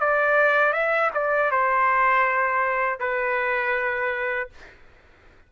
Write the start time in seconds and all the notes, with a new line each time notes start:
0.00 D5
0.73 E5
1.14 D5
1.51 C5
3.00 B4